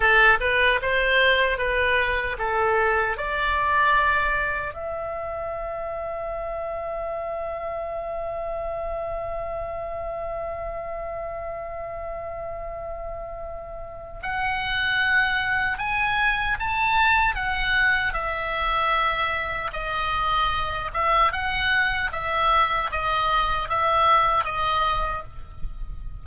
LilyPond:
\new Staff \with { instrumentName = "oboe" } { \time 4/4 \tempo 4 = 76 a'8 b'8 c''4 b'4 a'4 | d''2 e''2~ | e''1~ | e''1~ |
e''2 fis''2 | gis''4 a''4 fis''4 e''4~ | e''4 dis''4. e''8 fis''4 | e''4 dis''4 e''4 dis''4 | }